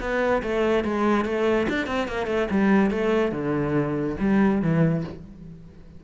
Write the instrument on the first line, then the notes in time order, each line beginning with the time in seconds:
cello
0.00 B3
0.42 A3
0.84 G#3
1.25 A3
1.69 D4
1.86 C4
2.08 A#3
2.26 A3
2.50 G3
2.90 A3
3.31 D3
4.20 G3
4.62 E3